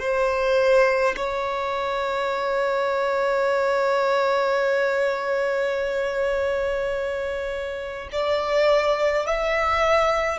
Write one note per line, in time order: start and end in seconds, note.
0.00 1.15 C5
1.17 8.09 C#5
8.12 9.27 D5
9.27 10.39 E5